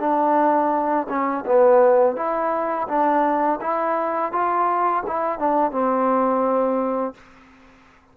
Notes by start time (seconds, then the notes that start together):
0.00 D4
1.09 C#4
1.46 B3
2.16 E4
2.88 D4
3.61 E4
4.32 F4
5.07 E4
5.39 D4
5.71 C4